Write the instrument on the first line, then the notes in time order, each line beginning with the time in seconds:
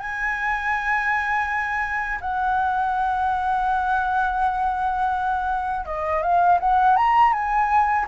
flute
0.00 G#5
2.22 F#5
5.86 D#5
6.23 F5
6.61 F#5
6.97 A#5
7.33 G#5